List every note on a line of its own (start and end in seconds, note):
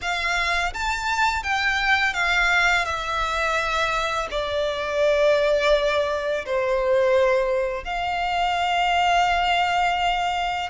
0.01 0.73 F5
0.73 1.43 A5
1.43 2.13 G5
2.13 2.85 F5
2.85 4.28 E5
4.31 6.45 D5
6.45 7.84 C5
7.84 10.69 F5